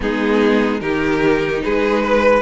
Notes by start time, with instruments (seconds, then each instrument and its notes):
0.00 cello G#3, viola B3, violin D#4 G#4
0.80 cello D#3, viola D#4, violin G4 A#4
1.64 cello G#3, violin G#4 B4
2.03 violin B4